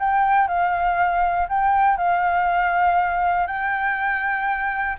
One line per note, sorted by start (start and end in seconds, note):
0.00 0.48 G5
0.48 1.48 F5
1.49 1.97 G5
1.97 3.47 F5
3.47 4.97 G5